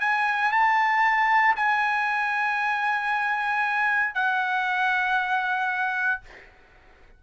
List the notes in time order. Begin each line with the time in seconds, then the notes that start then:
0.00 G#5
0.52 A5
1.56 G#5
4.14 F#5